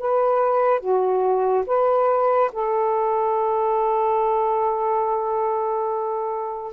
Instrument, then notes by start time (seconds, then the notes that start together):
saxophone
0.00 B4
0.81 F#4
1.67 B4
2.53 A4